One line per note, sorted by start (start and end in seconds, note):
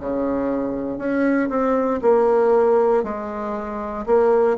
0.00 0.98 C#3
0.98 1.49 C#4
1.49 2.00 C4
2.02 3.03 A#3
3.04 4.05 G#3
4.06 4.57 A#3